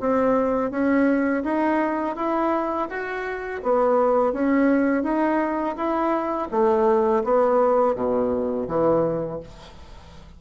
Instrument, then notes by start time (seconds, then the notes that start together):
bassoon
0.00 C4
0.71 C#4
1.44 D#4
2.16 E4
2.89 F#4
3.63 B3
4.33 C#4
5.03 D#4
5.76 E4
6.51 A3
7.24 B3
7.95 B2
8.67 E3